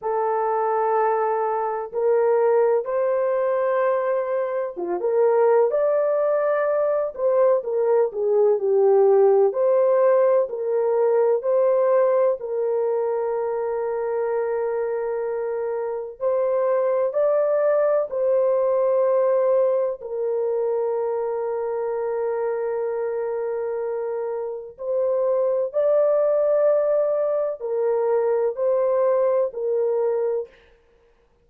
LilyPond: \new Staff \with { instrumentName = "horn" } { \time 4/4 \tempo 4 = 63 a'2 ais'4 c''4~ | c''4 f'16 ais'8. d''4. c''8 | ais'8 gis'8 g'4 c''4 ais'4 | c''4 ais'2.~ |
ais'4 c''4 d''4 c''4~ | c''4 ais'2.~ | ais'2 c''4 d''4~ | d''4 ais'4 c''4 ais'4 | }